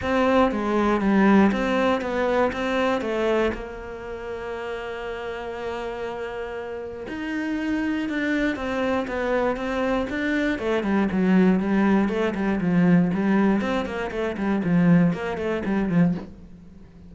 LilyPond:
\new Staff \with { instrumentName = "cello" } { \time 4/4 \tempo 4 = 119 c'4 gis4 g4 c'4 | b4 c'4 a4 ais4~ | ais1~ | ais2 dis'2 |
d'4 c'4 b4 c'4 | d'4 a8 g8 fis4 g4 | a8 g8 f4 g4 c'8 ais8 | a8 g8 f4 ais8 a8 g8 f8 | }